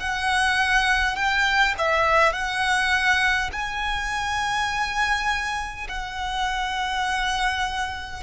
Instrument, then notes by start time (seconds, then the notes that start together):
violin
0.00 F#5
1.16 G5
1.79 E5
2.33 F#5
3.52 G#5
5.89 F#5